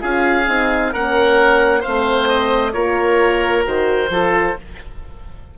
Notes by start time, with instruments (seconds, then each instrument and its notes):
0.00 bassoon C#4, horn F4, oboe G#4 F5
0.48 bassoon C4, horn D#4
0.92 bassoon A#3, horn C#4, oboe A#4 F#5
1.80 horn C4, oboe C5 F5
1.87 bassoon A3
2.28 oboe D#5
2.73 bassoon A#3, horn F4, oboe A#4 C#5
3.64 bassoon D#3, horn F#4, oboe C5
4.10 bassoon F3, horn F4, oboe A4